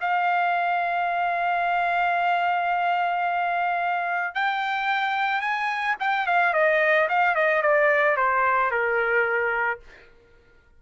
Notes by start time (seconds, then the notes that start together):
0.00 F5
4.35 G5
5.41 G#5
6.00 G5
6.26 F5
6.54 D#5
7.09 F5
7.35 D#5
7.62 D5
8.17 C5
8.71 A#4